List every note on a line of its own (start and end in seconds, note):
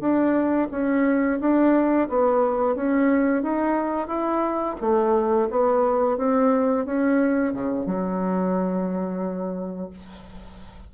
0.00 0.68 D4
0.71 1.39 C#4
1.40 2.08 D4
2.09 2.76 B3
2.76 3.42 C#4
3.42 4.07 D#4
4.07 4.75 E4
4.80 5.49 A3
5.50 6.17 B3
6.17 6.85 C4
6.86 7.53 C#4
7.53 7.86 C#3
7.86 9.90 F#3